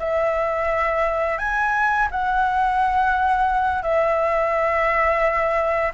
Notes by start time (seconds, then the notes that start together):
0.00 E5
1.39 G#5
2.11 F#5
3.83 E5